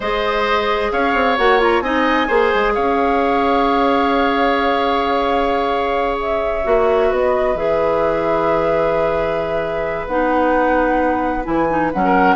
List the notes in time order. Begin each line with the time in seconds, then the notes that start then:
0.00 G#3 G#4 C5 D#5
0.91 C#4 C#5 F5
1.14 C4
1.37 A#3 F#4 F#5
1.59 F4 A#5
1.81 C4 D#4 D#5 G#5
2.27 A#3 G#4 C5
2.54 G#3
2.74 C#4 C#5 F5
6.20 E5
6.64 A#3 F#4
7.09 B3 B4 D#5
7.54 E3 G#4 E5
10.06 B3 D#4 F#5
11.44 E3 E4 G#5
11.69 D#4
11.93 F#3 C#4 F#5
12.04 A#4